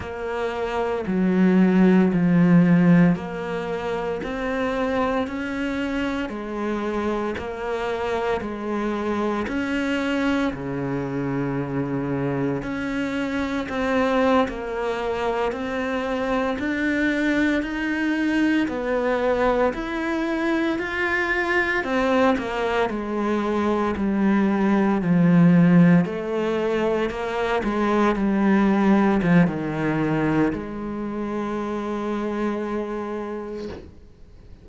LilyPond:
\new Staff \with { instrumentName = "cello" } { \time 4/4 \tempo 4 = 57 ais4 fis4 f4 ais4 | c'4 cis'4 gis4 ais4 | gis4 cis'4 cis2 | cis'4 c'8. ais4 c'4 d'16~ |
d'8. dis'4 b4 e'4 f'16~ | f'8. c'8 ais8 gis4 g4 f16~ | f8. a4 ais8 gis8 g4 f16 | dis4 gis2. | }